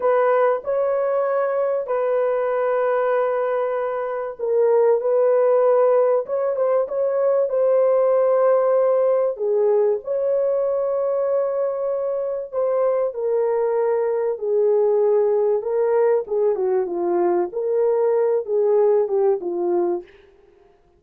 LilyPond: \new Staff \with { instrumentName = "horn" } { \time 4/4 \tempo 4 = 96 b'4 cis''2 b'4~ | b'2. ais'4 | b'2 cis''8 c''8 cis''4 | c''2. gis'4 |
cis''1 | c''4 ais'2 gis'4~ | gis'4 ais'4 gis'8 fis'8 f'4 | ais'4. gis'4 g'8 f'4 | }